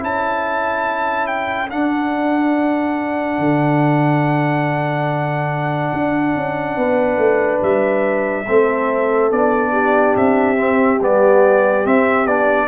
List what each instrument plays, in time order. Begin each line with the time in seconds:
0.00 tuba C#4, trombone E4, horn A4, trumpet A5
1.27 trumpet G5
1.70 trombone D4, tuba D4, trumpet F#5
3.39 tuba D3
5.93 tuba D4
6.36 tuba C#4
6.77 tuba B3, horn B4
7.18 tuba A3
7.63 tuba G3, trumpet E5
8.47 tuba A3, trombone C4, horn A4
9.32 tuba B3, trombone D4, trumpet D5
9.72 horn G4
10.16 tuba C4, trumpet E5
10.57 trombone C4
11.01 tuba G3, trombone B3, trumpet D5
11.85 trombone C4, tuba C4, trumpet E5
12.26 tuba B3, trombone D4, trumpet D5